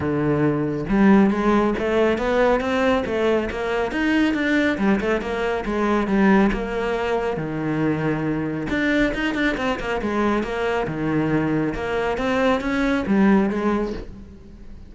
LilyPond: \new Staff \with { instrumentName = "cello" } { \time 4/4 \tempo 4 = 138 d2 g4 gis4 | a4 b4 c'4 a4 | ais4 dis'4 d'4 g8 a8 | ais4 gis4 g4 ais4~ |
ais4 dis2. | d'4 dis'8 d'8 c'8 ais8 gis4 | ais4 dis2 ais4 | c'4 cis'4 g4 gis4 | }